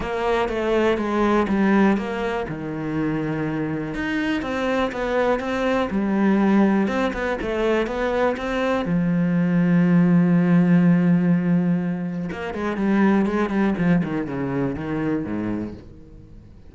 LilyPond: \new Staff \with { instrumentName = "cello" } { \time 4/4 \tempo 4 = 122 ais4 a4 gis4 g4 | ais4 dis2. | dis'4 c'4 b4 c'4 | g2 c'8 b8 a4 |
b4 c'4 f2~ | f1~ | f4 ais8 gis8 g4 gis8 g8 | f8 dis8 cis4 dis4 gis,4 | }